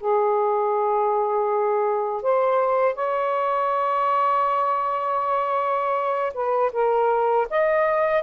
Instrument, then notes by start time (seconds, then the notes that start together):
saxophone
0.00 G#4
2.23 C5
2.96 C#5
6.34 B4
6.73 A#4
7.50 D#5